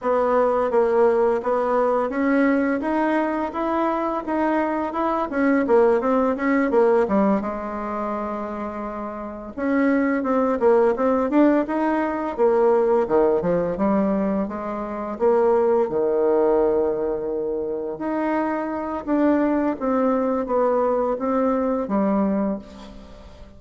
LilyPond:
\new Staff \with { instrumentName = "bassoon" } { \time 4/4 \tempo 4 = 85 b4 ais4 b4 cis'4 | dis'4 e'4 dis'4 e'8 cis'8 | ais8 c'8 cis'8 ais8 g8 gis4.~ | gis4. cis'4 c'8 ais8 c'8 |
d'8 dis'4 ais4 dis8 f8 g8~ | g8 gis4 ais4 dis4.~ | dis4. dis'4. d'4 | c'4 b4 c'4 g4 | }